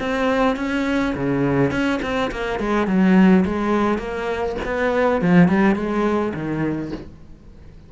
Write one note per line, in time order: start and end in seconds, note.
0.00 0.56 C4
0.56 1.14 C#4
1.15 1.71 C#3
1.71 2.00 C#4
2.02 2.31 C4
2.32 2.59 A#3
2.59 2.87 G#3
2.87 3.45 F#3
3.45 3.98 G#3
3.98 4.56 A#3
4.65 5.21 B3
5.21 5.48 F3
5.48 5.75 G3
5.75 6.33 G#3
6.34 6.92 D#3